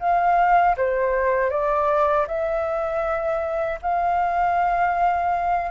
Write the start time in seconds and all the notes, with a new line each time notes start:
0.00 F5
0.77 C5
1.51 D5
2.28 E5
3.82 F5